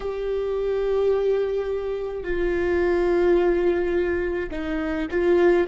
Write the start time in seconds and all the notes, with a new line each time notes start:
0.00 G4
2.23 F4
4.50 D#4
5.10 F4